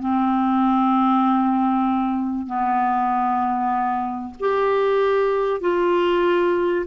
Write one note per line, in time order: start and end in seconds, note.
0.00 2.47 C4
2.47 4.34 B3
4.39 5.61 G4
5.61 6.86 F4